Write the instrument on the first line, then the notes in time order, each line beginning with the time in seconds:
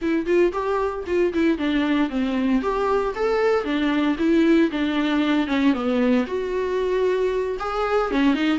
viola
0.01 E4
0.25 F4
0.52 G4
1.06 F4
1.33 E4
1.58 D4
2.09 C4
2.61 G4
3.15 A4
3.64 D4
4.18 E4
4.71 D4
5.47 C#4
5.73 B3
6.27 F#4
7.59 G#4
8.11 C#4
8.34 D#4